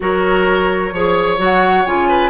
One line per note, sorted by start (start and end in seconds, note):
0.00 0.92 F#3
0.00 0.91 F#4
0.00 0.94 A#4
0.00 1.41 C#5
0.92 1.38 F3
0.92 1.37 G#4
0.92 2.08 C#5
1.37 1.85 F#3
1.37 1.84 F#4
1.37 1.86 F#5
1.85 2.30 C#3
1.85 2.30 F4
1.85 2.30 G#5
2.08 2.30 B4